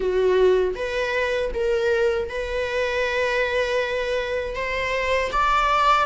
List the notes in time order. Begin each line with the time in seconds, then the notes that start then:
0.00 F#4
0.75 B4
1.54 A#4
2.29 B4
4.55 C5
5.32 D5